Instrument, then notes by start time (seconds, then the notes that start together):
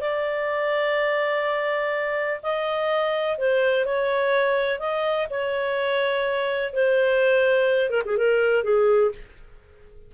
clarinet
0.00 D5
2.42 D#5
3.38 C5
3.85 C#5
4.79 D#5
5.29 C#5
6.73 C5
7.90 A#4
8.05 G#4
8.17 A#4
8.63 G#4